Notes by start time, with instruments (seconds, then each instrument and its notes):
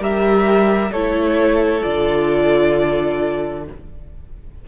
0.00 cello G3, viola G4, violin A#4 E5
0.91 cello A3, viola E4, violin A4 C#5
1.83 cello D3, viola F4, violin D5